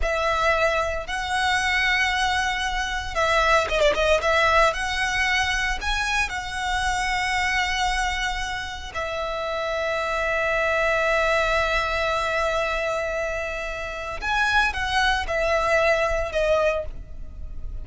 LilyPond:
\new Staff \with { instrumentName = "violin" } { \time 4/4 \tempo 4 = 114 e''2 fis''2~ | fis''2 e''4 dis''16 d''16 dis''8 | e''4 fis''2 gis''4 | fis''1~ |
fis''4 e''2.~ | e''1~ | e''2. gis''4 | fis''4 e''2 dis''4 | }